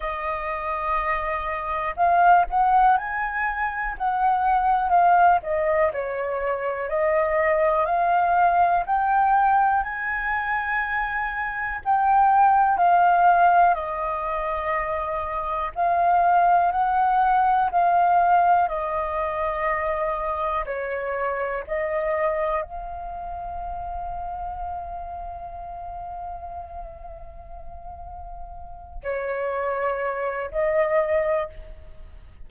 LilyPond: \new Staff \with { instrumentName = "flute" } { \time 4/4 \tempo 4 = 61 dis''2 f''8 fis''8 gis''4 | fis''4 f''8 dis''8 cis''4 dis''4 | f''4 g''4 gis''2 | g''4 f''4 dis''2 |
f''4 fis''4 f''4 dis''4~ | dis''4 cis''4 dis''4 f''4~ | f''1~ | f''4. cis''4. dis''4 | }